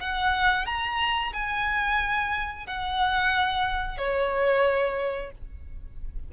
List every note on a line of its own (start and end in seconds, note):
0.00 0.66 F#5
0.66 1.32 A#5
1.33 2.66 G#5
2.66 3.98 F#5
3.98 5.31 C#5